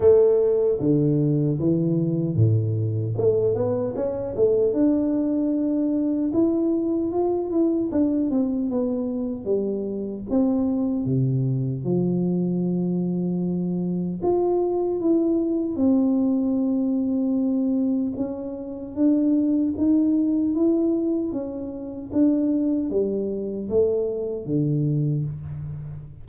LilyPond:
\new Staff \with { instrumentName = "tuba" } { \time 4/4 \tempo 4 = 76 a4 d4 e4 a,4 | a8 b8 cis'8 a8 d'2 | e'4 f'8 e'8 d'8 c'8 b4 | g4 c'4 c4 f4~ |
f2 f'4 e'4 | c'2. cis'4 | d'4 dis'4 e'4 cis'4 | d'4 g4 a4 d4 | }